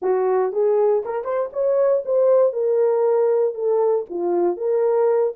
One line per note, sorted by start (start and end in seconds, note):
0.01 0.52 F#4
0.52 1.03 G#4
1.05 1.24 A#4
1.24 1.49 C5
1.52 2.03 C#5
2.05 2.52 C5
2.52 3.54 A#4
3.54 4.05 A4
4.09 4.56 F4
4.56 5.33 A#4